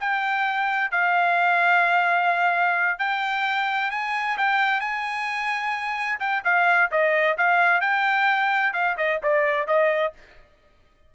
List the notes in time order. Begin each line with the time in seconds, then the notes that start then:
0.00 G5
0.91 F5
2.99 G5
3.91 G#5
4.37 G5
4.80 G#5
6.20 G5
6.44 F5
6.91 D#5
7.38 F5
7.81 G5
8.73 F5
8.97 D#5
9.23 D5
9.67 D#5